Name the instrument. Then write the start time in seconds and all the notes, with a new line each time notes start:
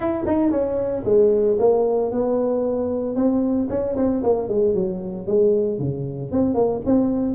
tuba
0.00 E4
0.26 D#4
0.50 C#4
1.05 G#3
1.59 A#3
2.11 B3
3.15 C4
3.69 C#4
3.96 C4
4.23 A#3
4.48 G#3
4.74 F#3
5.26 G#3
5.78 C#3
6.31 C4
6.54 A#3
6.85 C4